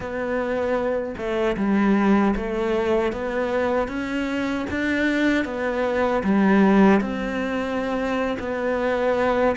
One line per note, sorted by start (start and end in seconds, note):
0.00 1.15 B3
1.17 1.56 A3
1.57 2.34 G3
2.36 3.12 A3
3.12 3.87 B3
3.87 4.65 C#4
4.70 5.44 D4
5.44 6.22 B3
6.23 7.01 G3
7.01 8.37 C4
8.39 9.56 B3